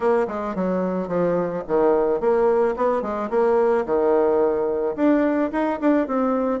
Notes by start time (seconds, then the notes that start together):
0.00 A#3
0.27 G#3
0.55 F#3
1.08 F3
1.67 D#3
2.20 A#3
2.76 B3
3.02 G#3
3.30 A#3
3.85 D#3
4.95 D4
5.52 D#4
5.80 D4
6.07 C4